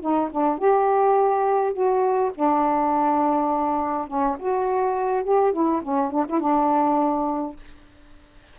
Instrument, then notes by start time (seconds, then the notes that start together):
saxophone
0.00 D#4
0.31 D4
0.58 G4
1.73 F#4
2.34 D4
4.07 C#4
4.39 F#4
5.23 G4
5.52 E4
5.82 C#4
6.11 D4
6.29 E4
6.40 D4